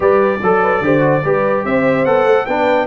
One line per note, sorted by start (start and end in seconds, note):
0.00 0.41 G3
0.00 0.39 G4
0.00 0.42 B4
0.00 1.65 D5
0.41 0.81 F#3
0.41 0.62 A4
0.41 0.83 A4
0.62 0.82 B4
0.81 1.22 D3
0.81 1.00 G4
0.81 1.24 C5
1.00 1.20 F#4
1.24 1.64 G3
1.24 2.05 G4
1.24 1.65 B4
1.64 2.05 C4
1.64 2.46 C5
1.64 2.05 E5
2.05 2.25 B3
2.05 2.47 A4
2.05 2.46 F#5
2.25 2.45 A3
2.46 2.87 B3
2.46 2.87 D4
2.46 2.87 B4
2.46 2.87 G5